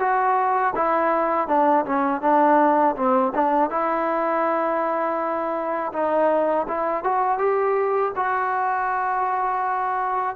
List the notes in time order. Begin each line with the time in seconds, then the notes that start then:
0.00 F#4
0.76 E4
1.48 D4
1.86 C#4
2.22 D4
2.96 C4
3.35 D4
3.71 E4
5.93 D#4
6.68 E4
7.04 F#4
7.39 G4
8.16 F#4